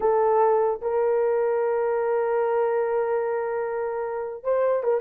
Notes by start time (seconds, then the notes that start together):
0.00 A4
0.81 A#4
4.43 C5
4.83 A#4